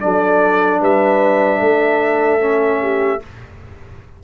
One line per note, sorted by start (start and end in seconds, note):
0.00 0.80 F#3
0.00 2.40 D4
0.00 0.80 A4
0.00 0.80 D5
0.80 1.60 G3
0.80 1.59 B4
0.80 3.23 E5
1.59 3.21 A3
1.59 2.79 A4
2.40 3.20 C#4
2.81 3.21 G4